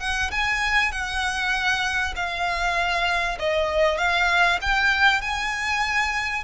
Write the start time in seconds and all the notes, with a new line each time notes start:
0.00 F#5
0.31 G#5
0.92 F#5
2.16 F5
3.39 D#5
3.98 F5
4.61 G5
5.22 G#5